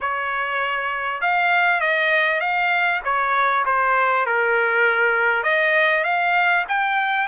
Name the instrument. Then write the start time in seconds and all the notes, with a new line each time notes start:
trumpet
0.01 C#5
1.21 F5
1.80 D#5
2.40 F5
3.04 C#5
3.65 C5
4.26 A#4
5.43 D#5
6.04 F5
6.68 G5